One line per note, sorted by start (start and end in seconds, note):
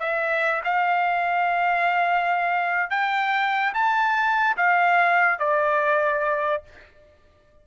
0.00 0.62 E5
0.65 2.90 F5
2.90 3.73 G5
3.74 4.57 A5
4.57 5.39 F5
5.39 6.63 D5